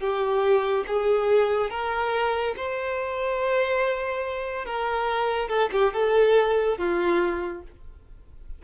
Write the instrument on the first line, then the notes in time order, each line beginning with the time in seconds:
violin
0.00 G4
0.87 G#4
1.70 A#4
2.57 C5
4.66 A#4
5.49 A4
5.72 G4
5.93 A4
6.78 F4